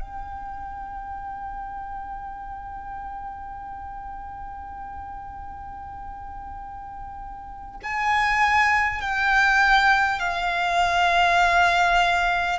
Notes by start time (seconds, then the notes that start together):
0.00 G5
7.83 G#5
9.01 G5
10.19 F5